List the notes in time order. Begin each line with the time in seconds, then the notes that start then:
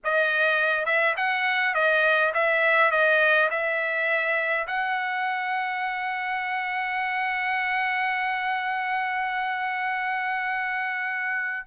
0.04 D#5
0.85 E5
1.16 F#5
1.74 D#5
2.34 E5
2.91 D#5
3.50 E5
4.67 F#5